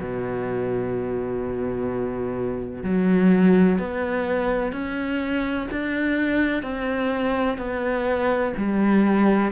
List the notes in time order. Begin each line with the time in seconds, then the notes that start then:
0.00 B2
2.83 F#3
3.78 B3
4.72 C#4
5.71 D4
6.62 C4
7.58 B3
8.57 G3